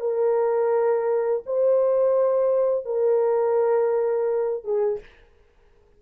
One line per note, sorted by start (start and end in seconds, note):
0.00 1.43 A#4
1.46 2.86 C5
2.86 4.64 A#4
4.64 5.00 G#4